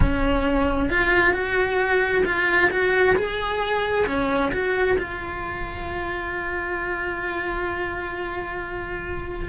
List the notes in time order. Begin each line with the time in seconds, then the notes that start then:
0.00 C#4
0.89 F4
1.33 F#4
2.25 F4
2.70 F#4
3.16 G#4
4.06 C#4
4.52 F#4
4.98 F4